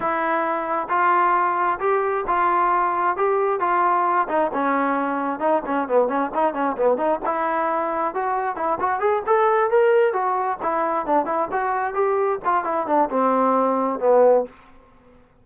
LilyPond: \new Staff \with { instrumentName = "trombone" } { \time 4/4 \tempo 4 = 133 e'2 f'2 | g'4 f'2 g'4 | f'4. dis'8 cis'2 | dis'8 cis'8 b8 cis'8 dis'8 cis'8 b8 dis'8 |
e'2 fis'4 e'8 fis'8 | gis'8 a'4 ais'4 fis'4 e'8~ | e'8 d'8 e'8 fis'4 g'4 f'8 | e'8 d'8 c'2 b4 | }